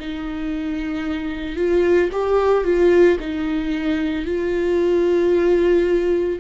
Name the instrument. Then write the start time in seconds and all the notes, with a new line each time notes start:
viola
0.00 D#4
1.56 F4
2.12 G4
2.64 F4
3.20 D#4
4.26 F4